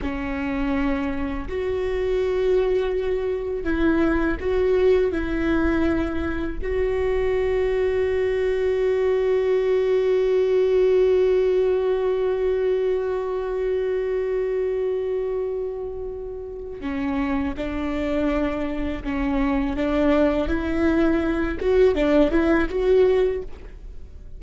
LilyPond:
\new Staff \with { instrumentName = "viola" } { \time 4/4 \tempo 4 = 82 cis'2 fis'2~ | fis'4 e'4 fis'4 e'4~ | e'4 fis'2.~ | fis'1~ |
fis'1~ | fis'2. cis'4 | d'2 cis'4 d'4 | e'4. fis'8 d'8 e'8 fis'4 | }